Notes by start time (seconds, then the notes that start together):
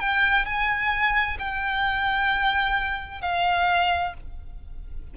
0.00 G5
0.45 G#5
1.39 G5
3.21 F5